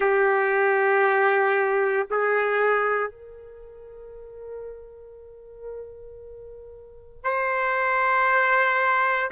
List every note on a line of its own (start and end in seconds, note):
0.00 2.07 G4
2.10 3.10 G#4
3.10 7.24 A#4
7.24 9.31 C5